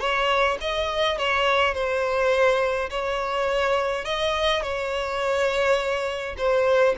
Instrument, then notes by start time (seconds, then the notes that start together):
violin
0.00 C#5
0.61 D#5
1.18 C#5
1.74 C5
2.90 C#5
4.05 D#5
4.63 C#5
6.38 C5